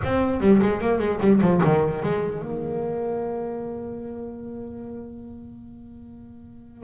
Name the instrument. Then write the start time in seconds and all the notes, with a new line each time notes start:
double bass
0.04 C4
0.40 G3
0.61 G#3
0.80 A#3
0.99 G#3
1.20 G3
1.41 F3
1.63 D#3
2.03 G#3
2.41 A#3